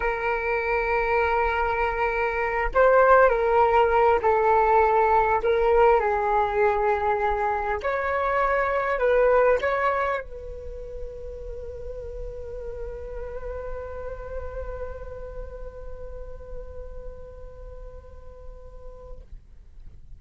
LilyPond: \new Staff \with { instrumentName = "flute" } { \time 4/4 \tempo 4 = 100 ais'1~ | ais'8 c''4 ais'4. a'4~ | a'4 ais'4 gis'2~ | gis'4 cis''2 b'4 |
cis''4 b'2.~ | b'1~ | b'1~ | b'1 | }